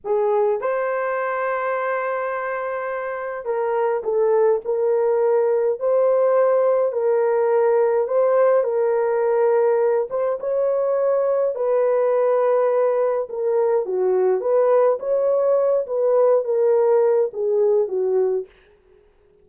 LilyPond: \new Staff \with { instrumentName = "horn" } { \time 4/4 \tempo 4 = 104 gis'4 c''2.~ | c''2 ais'4 a'4 | ais'2 c''2 | ais'2 c''4 ais'4~ |
ais'4. c''8 cis''2 | b'2. ais'4 | fis'4 b'4 cis''4. b'8~ | b'8 ais'4. gis'4 fis'4 | }